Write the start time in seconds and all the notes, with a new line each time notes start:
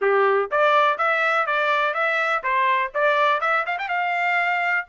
0.01 G4
0.51 D5
0.98 E5
1.46 D5
1.94 E5
2.43 C5
2.94 D5
3.40 E5
3.66 F5
3.78 G5
3.88 F5